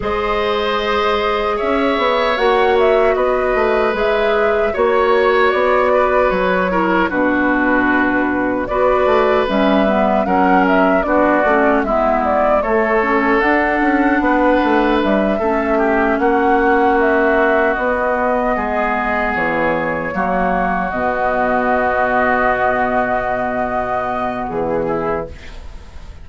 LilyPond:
<<
  \new Staff \with { instrumentName = "flute" } { \time 4/4 \tempo 4 = 76 dis''2 e''4 fis''8 e''8 | dis''4 e''4 cis''4 d''4 | cis''4 b'2 d''4 | e''4 fis''8 e''8 d''4 e''8 d''8 |
cis''4 fis''2 e''4~ | e''8 fis''4 e''4 dis''4.~ | dis''8 cis''2 dis''4.~ | dis''2. gis'4 | }
  \new Staff \with { instrumentName = "oboe" } { \time 4/4 c''2 cis''2 | b'2 cis''4. b'8~ | b'8 ais'8 fis'2 b'4~ | b'4 ais'4 fis'4 e'4 |
a'2 b'4. a'8 | g'8 fis'2. gis'8~ | gis'4. fis'2~ fis'8~ | fis'2.~ fis'8 e'8 | }
  \new Staff \with { instrumentName = "clarinet" } { \time 4/4 gis'2. fis'4~ | fis'4 gis'4 fis'2~ | fis'8 e'8 d'2 fis'4 | cis'8 b8 cis'4 d'8 cis'8 b4 |
a8 cis'8 d'2~ d'8 cis'8~ | cis'2~ cis'8 b4.~ | b4. ais4 b4.~ | b1 | }
  \new Staff \with { instrumentName = "bassoon" } { \time 4/4 gis2 cis'8 b8 ais4 | b8 a8 gis4 ais4 b4 | fis4 b,2 b8 a8 | g4 fis4 b8 a8 gis4 |
a4 d'8 cis'8 b8 a8 g8 a8~ | a8 ais2 b4 gis8~ | gis8 e4 fis4 b,4.~ | b,2. e4 | }
>>